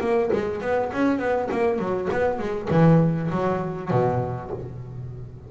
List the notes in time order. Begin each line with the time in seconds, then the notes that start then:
0.00 A#3
0.32 G#3
0.61 B3
0.92 C#4
1.18 B3
1.51 A#3
1.78 F#3
2.12 B3
2.38 G#3
2.70 E3
3.31 F#3
3.90 B2